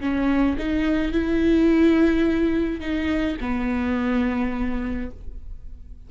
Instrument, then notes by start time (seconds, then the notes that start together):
viola
0.00 C#4
0.58 D#4
1.12 E4
2.80 D#4
3.41 B3